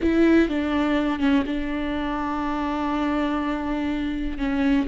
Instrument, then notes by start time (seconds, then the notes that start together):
viola
0.02 E4
0.49 D4
1.19 C#4
1.46 D4
4.38 C#4